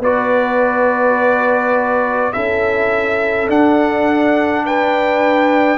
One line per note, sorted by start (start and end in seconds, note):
0.00 2.31 B3
0.00 2.33 F#4
0.00 2.32 B4
0.00 2.33 D5
2.33 3.48 C#4
2.33 3.49 E4
2.33 4.66 A4
2.33 3.48 E5
3.48 5.78 D4
3.48 4.66 F#5
4.66 5.78 B4
4.66 5.78 G5